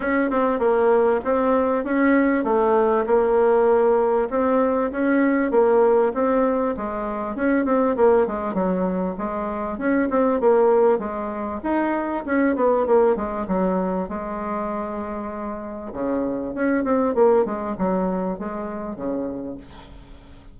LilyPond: \new Staff \with { instrumentName = "bassoon" } { \time 4/4 \tempo 4 = 98 cis'8 c'8 ais4 c'4 cis'4 | a4 ais2 c'4 | cis'4 ais4 c'4 gis4 | cis'8 c'8 ais8 gis8 fis4 gis4 |
cis'8 c'8 ais4 gis4 dis'4 | cis'8 b8 ais8 gis8 fis4 gis4~ | gis2 cis4 cis'8 c'8 | ais8 gis8 fis4 gis4 cis4 | }